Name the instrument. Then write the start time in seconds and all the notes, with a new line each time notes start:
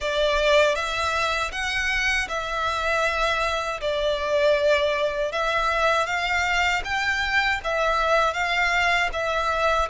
violin
0.00 D5
0.75 E5
1.52 F#5
2.28 E5
3.80 D5
5.32 E5
6.06 F5
6.84 G5
7.64 E5
8.33 F5
9.12 E5